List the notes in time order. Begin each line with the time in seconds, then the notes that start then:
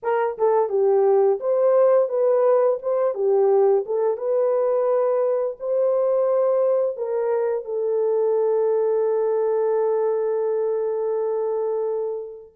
0.02 A#4
0.37 A4
0.69 G4
1.40 C5
2.08 B4
2.82 C5
3.14 G4
3.86 A4
4.17 B4
5.59 C5
6.96 A#4
7.64 A4